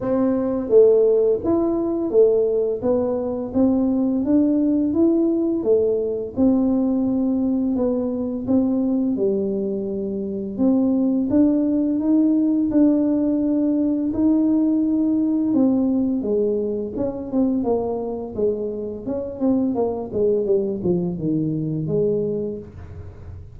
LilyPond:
\new Staff \with { instrumentName = "tuba" } { \time 4/4 \tempo 4 = 85 c'4 a4 e'4 a4 | b4 c'4 d'4 e'4 | a4 c'2 b4 | c'4 g2 c'4 |
d'4 dis'4 d'2 | dis'2 c'4 gis4 | cis'8 c'8 ais4 gis4 cis'8 c'8 | ais8 gis8 g8 f8 dis4 gis4 | }